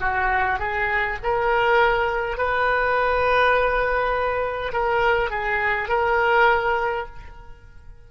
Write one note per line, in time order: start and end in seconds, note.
0.00 0.59 F#4
0.59 1.18 G#4
1.23 2.37 A#4
2.37 4.73 B4
4.73 5.30 A#4
5.30 5.88 G#4
5.88 7.06 A#4